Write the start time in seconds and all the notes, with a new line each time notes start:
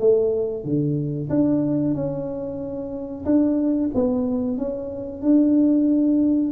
0.00 A3
0.64 D3
1.30 D4
1.95 C#4
3.25 D4
3.95 B3
4.58 C#4
5.22 D4